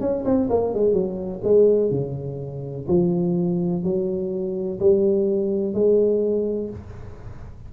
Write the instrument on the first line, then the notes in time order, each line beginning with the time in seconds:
tuba
0.00 C#4
0.25 C4
0.50 A#3
0.74 G#3
0.93 F#3
1.44 G#3
1.91 C#3
2.88 F3
3.83 F#3
4.80 G3
5.74 G#3